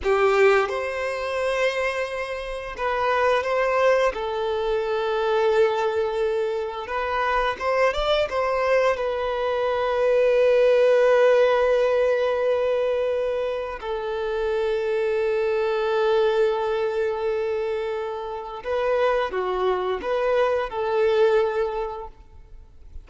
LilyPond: \new Staff \with { instrumentName = "violin" } { \time 4/4 \tempo 4 = 87 g'4 c''2. | b'4 c''4 a'2~ | a'2 b'4 c''8 d''8 | c''4 b'2.~ |
b'1 | a'1~ | a'2. b'4 | fis'4 b'4 a'2 | }